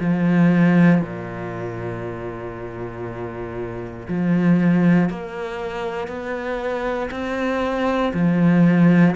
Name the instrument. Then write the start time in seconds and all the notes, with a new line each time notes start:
cello
0.00 F3
1.02 A#2
4.08 F3
5.10 A#3
6.08 B3
7.11 C4
8.14 F3